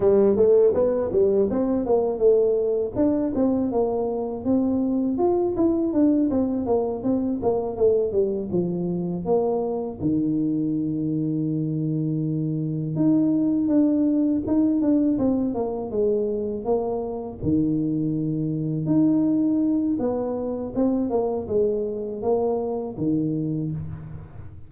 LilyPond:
\new Staff \with { instrumentName = "tuba" } { \time 4/4 \tempo 4 = 81 g8 a8 b8 g8 c'8 ais8 a4 | d'8 c'8 ais4 c'4 f'8 e'8 | d'8 c'8 ais8 c'8 ais8 a8 g8 f8~ | f8 ais4 dis2~ dis8~ |
dis4. dis'4 d'4 dis'8 | d'8 c'8 ais8 gis4 ais4 dis8~ | dis4. dis'4. b4 | c'8 ais8 gis4 ais4 dis4 | }